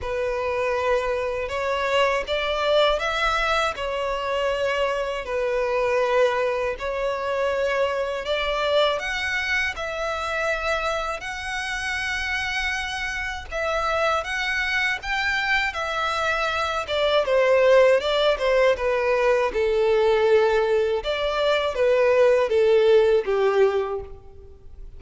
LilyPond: \new Staff \with { instrumentName = "violin" } { \time 4/4 \tempo 4 = 80 b'2 cis''4 d''4 | e''4 cis''2 b'4~ | b'4 cis''2 d''4 | fis''4 e''2 fis''4~ |
fis''2 e''4 fis''4 | g''4 e''4. d''8 c''4 | d''8 c''8 b'4 a'2 | d''4 b'4 a'4 g'4 | }